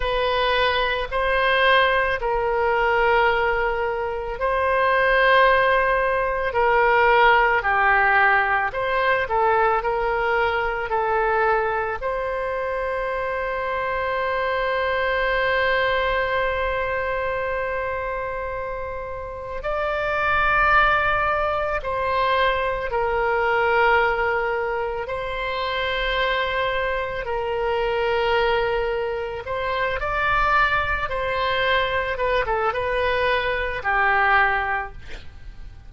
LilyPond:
\new Staff \with { instrumentName = "oboe" } { \time 4/4 \tempo 4 = 55 b'4 c''4 ais'2 | c''2 ais'4 g'4 | c''8 a'8 ais'4 a'4 c''4~ | c''1~ |
c''2 d''2 | c''4 ais'2 c''4~ | c''4 ais'2 c''8 d''8~ | d''8 c''4 b'16 a'16 b'4 g'4 | }